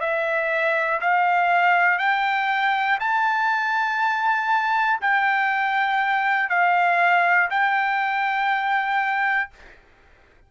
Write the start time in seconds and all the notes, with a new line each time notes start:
0.00 E5
1.01 F5
1.99 G5
3.00 A5
5.01 G5
6.49 F5
7.50 G5